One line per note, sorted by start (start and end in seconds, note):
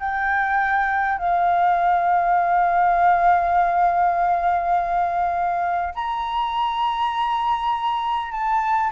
0.00 1.19 G5
1.19 5.94 F5
5.95 8.32 A#5
8.32 8.91 A5